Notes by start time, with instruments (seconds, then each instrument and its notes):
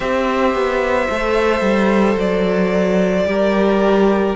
0.00 cello C4, viola G4, violin C5 E5
0.53 cello B3
1.10 cello A3, viola A4
1.60 cello G3
2.15 cello F#3, violin D5
3.25 cello G3, viola G4, violin A#4